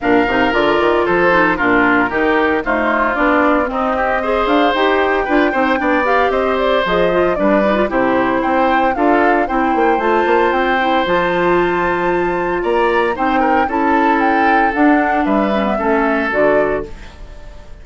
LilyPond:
<<
  \new Staff \with { instrumentName = "flute" } { \time 4/4 \tempo 4 = 114 f''4 d''4 c''4 ais'4~ | ais'4 c''4 d''4 dis''4~ | dis''8 f''8 g''2~ g''8 f''8 | dis''8 d''8 dis''4 d''4 c''4 |
g''4 f''4 g''4 a''4 | g''4 a''2. | ais''4 g''4 a''4 g''4 | fis''4 e''2 d''4 | }
  \new Staff \with { instrumentName = "oboe" } { \time 4/4 ais'2 a'4 f'4 | g'4 f'2 dis'8 g'8 | c''2 b'8 c''8 d''4 | c''2 b'4 g'4 |
c''4 a'4 c''2~ | c''1 | d''4 c''8 ais'8 a'2~ | a'4 b'4 a'2 | }
  \new Staff \with { instrumentName = "clarinet" } { \time 4/4 d'8 dis'8 f'4. dis'8 d'4 | dis'4 a4 d'4 c'4 | gis'4 g'4 f'8 dis'8 d'8 g'8~ | g'4 gis'8 f'8 d'8 dis'16 f'16 e'4~ |
e'4 f'4 e'4 f'4~ | f'8 e'8 f'2.~ | f'4 dis'4 e'2 | d'4. cis'16 b16 cis'4 fis'4 | }
  \new Staff \with { instrumentName = "bassoon" } { \time 4/4 ais,8 c8 d8 dis8 f4 ais,4 | dis4 dis'4 b4 c'4~ | c'8 d'8 dis'4 d'8 c'8 b4 | c'4 f4 g4 c4 |
c'4 d'4 c'8 ais8 a8 ais8 | c'4 f2. | ais4 c'4 cis'2 | d'4 g4 a4 d4 | }
>>